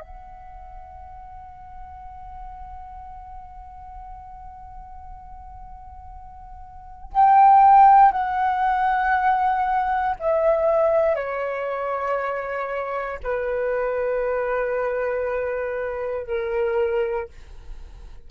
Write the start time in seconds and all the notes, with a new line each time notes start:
0.00 F#5
7.13 G5
8.11 F#5
10.19 E5
11.15 C#5
13.23 B4
16.27 A#4